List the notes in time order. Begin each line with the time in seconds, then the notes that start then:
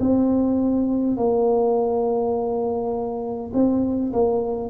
0.00 C4
1.17 A#3
3.53 C4
4.13 A#3